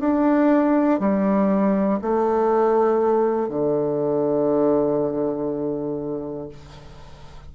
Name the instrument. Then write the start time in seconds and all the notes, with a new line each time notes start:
bassoon
0.00 D4
1.00 G3
2.02 A3
3.50 D3